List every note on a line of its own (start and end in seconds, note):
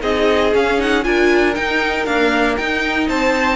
0.00 0.53 C4
0.00 0.51 D#4
0.00 1.05 G#4
0.00 0.53 D#5
0.53 0.78 C#4
0.53 1.05 C#4
0.53 0.81 F5
0.78 1.03 D#4
0.78 1.04 F#5
1.03 1.57 D4
1.03 1.54 F4
1.03 3.07 A#4
1.03 1.54 G#5
1.54 2.06 D#4
1.54 2.05 G5
2.05 2.59 A#3
2.05 2.57 D4
2.05 2.56 F5
2.56 3.09 D#4
2.56 3.56 D#4
2.56 3.08 G5
3.07 3.56 C4
3.07 3.56 C5
3.07 3.56 A5